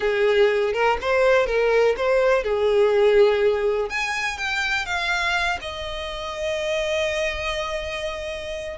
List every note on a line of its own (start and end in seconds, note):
0.00 0.73 G#4
0.73 0.97 A#4
1.01 1.46 C5
1.46 1.95 A#4
1.96 2.43 C5
2.43 3.89 G#4
3.89 4.37 G#5
4.37 4.85 G5
4.85 5.59 F5
5.61 8.77 D#5